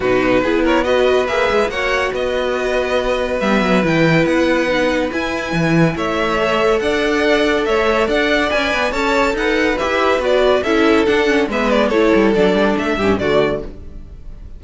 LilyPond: <<
  \new Staff \with { instrumentName = "violin" } { \time 4/4 \tempo 4 = 141 b'4. cis''8 dis''4 e''4 | fis''4 dis''2. | e''4 g''4 fis''2 | gis''2 e''2 |
fis''2 e''4 fis''4 | gis''4 a''4 fis''4 e''4 | d''4 e''4 fis''4 e''8 d''8 | cis''4 d''4 e''4 d''4 | }
  \new Staff \with { instrumentName = "violin" } { \time 4/4 fis'4 gis'8 ais'8 b'2 | cis''4 b'2.~ | b'1~ | b'2 cis''2 |
d''2 cis''4 d''4~ | d''4 cis''4 b'2~ | b'4 a'2 b'4 | a'2~ a'8 g'8 fis'4 | }
  \new Staff \with { instrumentName = "viola" } { \time 4/4 dis'4 e'4 fis'4 gis'4 | fis'1 | b4 e'2 dis'4 | e'2. a'4~ |
a'1 | b'4 a'2 g'4 | fis'4 e'4 d'8 cis'8 b4 | e'4 d'4. cis'8 a4 | }
  \new Staff \with { instrumentName = "cello" } { \time 4/4 b,4 b2 ais8 gis8 | ais4 b2. | g8 fis8 e4 b2 | e'4 e4 a2 |
d'2 a4 d'4 | cis'8 b8 cis'4 dis'4 e'4 | b4 cis'4 d'4 gis4 | a8 g8 fis8 g8 a8 g,8 d4 | }
>>